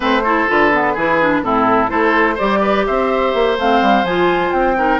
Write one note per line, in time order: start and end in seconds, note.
0.00 0.47 A3
0.00 0.22 C4
0.00 0.22 B4
0.00 0.49 C5
0.23 0.48 E4
0.23 0.93 A4
0.48 0.95 D3
0.48 0.71 F4
0.48 1.43 B4
0.73 0.96 B3
0.93 1.42 E3
0.93 1.21 E4
0.93 1.41 G#4
1.21 1.43 D4
1.42 1.89 A2
1.42 1.88 C4
1.42 1.90 E4
1.42 1.89 A4
1.88 2.38 A3
1.88 2.36 E4
1.88 2.34 A4
1.88 2.37 C5
2.34 2.88 G3
2.34 3.58 G4
2.34 2.58 C5
2.34 2.85 D5
2.61 2.85 B4
2.86 3.34 C4
2.86 4.77 C5
2.86 3.57 E5
3.34 3.58 A#3
3.58 3.81 A3
3.58 4.06 C4
3.58 4.04 F5
3.81 4.03 G3
4.03 4.51 F3
4.03 4.76 F4
4.03 4.51 G#5
4.51 5.00 C4
4.51 4.99 G5
4.76 5.00 D#4
4.76 5.00 A#4